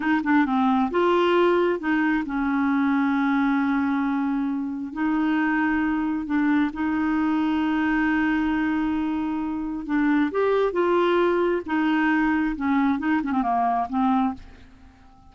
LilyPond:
\new Staff \with { instrumentName = "clarinet" } { \time 4/4 \tempo 4 = 134 dis'8 d'8 c'4 f'2 | dis'4 cis'2.~ | cis'2. dis'4~ | dis'2 d'4 dis'4~ |
dis'1~ | dis'2 d'4 g'4 | f'2 dis'2 | cis'4 dis'8 cis'16 c'16 ais4 c'4 | }